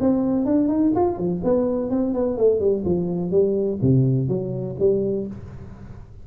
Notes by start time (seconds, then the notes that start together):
0.00 C4
0.45 D4
0.68 D#4
0.95 F4
1.18 F3
1.44 B3
1.90 C4
2.13 B3
2.37 A3
2.59 G3
2.85 F3
3.31 G3
3.82 C3
4.28 F#3
4.79 G3